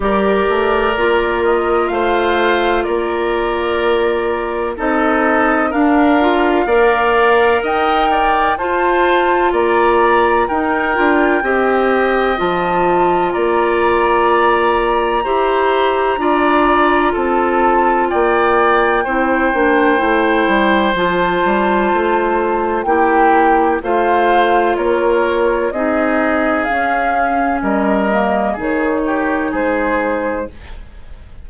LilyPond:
<<
  \new Staff \with { instrumentName = "flute" } { \time 4/4 \tempo 4 = 63 d''4. dis''8 f''4 d''4~ | d''4 dis''4 f''2 | g''4 a''4 ais''4 g''4~ | g''4 a''4 ais''2~ |
ais''2 a''4 g''4~ | g''2 a''2 | g''4 f''4 cis''4 dis''4 | f''4 dis''4 cis''4 c''4 | }
  \new Staff \with { instrumentName = "oboe" } { \time 4/4 ais'2 c''4 ais'4~ | ais'4 a'4 ais'4 d''4 | dis''8 d''8 c''4 d''4 ais'4 | dis''2 d''2 |
c''4 d''4 a'4 d''4 | c''1 | g'4 c''4 ais'4 gis'4~ | gis'4 ais'4 gis'8 g'8 gis'4 | }
  \new Staff \with { instrumentName = "clarinet" } { \time 4/4 g'4 f'2.~ | f'4 dis'4 d'8 f'8 ais'4~ | ais'4 f'2 dis'8 f'8 | g'4 f'2. |
g'4 f'2. | e'8 d'8 e'4 f'2 | e'4 f'2 dis'4 | cis'4. ais8 dis'2 | }
  \new Staff \with { instrumentName = "bassoon" } { \time 4/4 g8 a8 ais4 a4 ais4~ | ais4 c'4 d'4 ais4 | dis'4 f'4 ais4 dis'8 d'8 | c'4 f4 ais2 |
e'4 d'4 c'4 ais4 | c'8 ais8 a8 g8 f8 g8 a4 | ais4 a4 ais4 c'4 | cis'4 g4 dis4 gis4 | }
>>